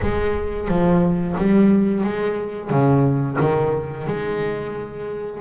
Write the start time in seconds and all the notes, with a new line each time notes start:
0.02 G#3
0.67 F3
1.37 G3
2.03 G#3
2.70 C#3
3.40 D#3
4.06 G#3